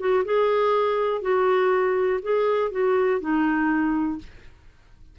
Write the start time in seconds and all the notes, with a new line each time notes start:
0.00 F#4
0.25 G#4
1.22 F#4
2.23 G#4
2.72 F#4
3.21 D#4